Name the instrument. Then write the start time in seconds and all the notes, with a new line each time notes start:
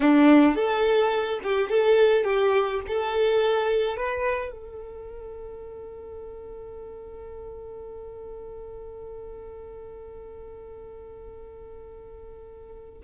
violin
0.00 D4
0.55 A4
1.43 G4
1.69 A4
2.24 G4
2.87 A4
3.96 B4
4.51 A4